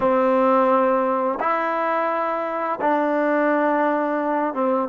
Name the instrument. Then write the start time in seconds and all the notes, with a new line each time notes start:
trombone
0.00 C4
1.40 E4
2.80 D4
4.53 C4